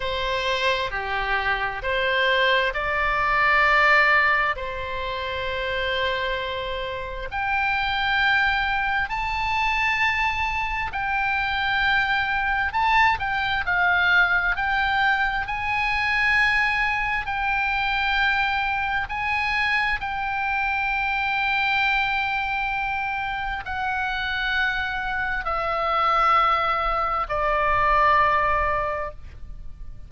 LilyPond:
\new Staff \with { instrumentName = "oboe" } { \time 4/4 \tempo 4 = 66 c''4 g'4 c''4 d''4~ | d''4 c''2. | g''2 a''2 | g''2 a''8 g''8 f''4 |
g''4 gis''2 g''4~ | g''4 gis''4 g''2~ | g''2 fis''2 | e''2 d''2 | }